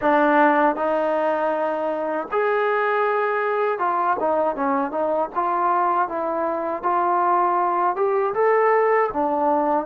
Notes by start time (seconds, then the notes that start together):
0.01 D4
0.75 D#4
2.31 G#4
3.78 F4
4.19 D#4
4.55 C#4
4.91 D#4
5.35 F4
6.08 E4
6.83 F4
7.95 G4
8.34 A4
9.13 D4